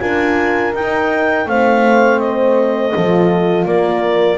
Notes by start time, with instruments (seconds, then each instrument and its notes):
0.00 double bass D4, horn F4 A#4, clarinet G#5
0.74 double bass D#4, horn D#4, clarinet G5
1.46 double bass A3, horn C4 C5, clarinet F5
2.20 clarinet D#5
2.94 double bass F3, horn F4 A4
3.66 double bass A#3, horn A#4, clarinet D5